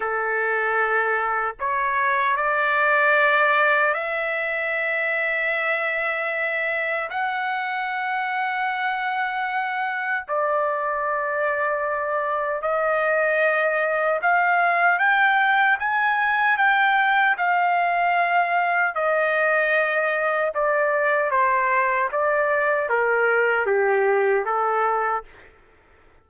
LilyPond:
\new Staff \with { instrumentName = "trumpet" } { \time 4/4 \tempo 4 = 76 a'2 cis''4 d''4~ | d''4 e''2.~ | e''4 fis''2.~ | fis''4 d''2. |
dis''2 f''4 g''4 | gis''4 g''4 f''2 | dis''2 d''4 c''4 | d''4 ais'4 g'4 a'4 | }